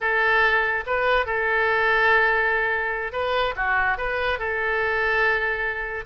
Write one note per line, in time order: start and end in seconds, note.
0.01 0.84 A4
0.86 1.26 B4
1.26 3.12 A4
3.12 3.54 B4
3.56 3.97 F#4
3.97 4.38 B4
4.38 6.05 A4